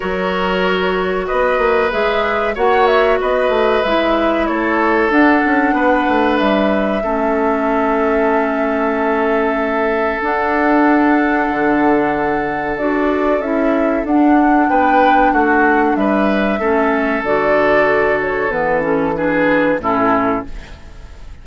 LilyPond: <<
  \new Staff \with { instrumentName = "flute" } { \time 4/4 \tempo 4 = 94 cis''2 dis''4 e''4 | fis''8 e''8 dis''4 e''4 cis''4 | fis''2 e''2~ | e''1 |
fis''1 | d''4 e''4 fis''4 g''4 | fis''4 e''2 d''4~ | d''8 cis''8 b'8 a'8 b'4 a'4 | }
  \new Staff \with { instrumentName = "oboe" } { \time 4/4 ais'2 b'2 | cis''4 b'2 a'4~ | a'4 b'2 a'4~ | a'1~ |
a'1~ | a'2. b'4 | fis'4 b'4 a'2~ | a'2 gis'4 e'4 | }
  \new Staff \with { instrumentName = "clarinet" } { \time 4/4 fis'2. gis'4 | fis'2 e'2 | d'2. cis'4~ | cis'1 |
d'1 | fis'4 e'4 d'2~ | d'2 cis'4 fis'4~ | fis'4 b8 cis'8 d'4 cis'4 | }
  \new Staff \with { instrumentName = "bassoon" } { \time 4/4 fis2 b8 ais8 gis4 | ais4 b8 a8 gis4 a4 | d'8 cis'8 b8 a8 g4 a4~ | a1 |
d'2 d2 | d'4 cis'4 d'4 b4 | a4 g4 a4 d4~ | d4 e2 a,4 | }
>>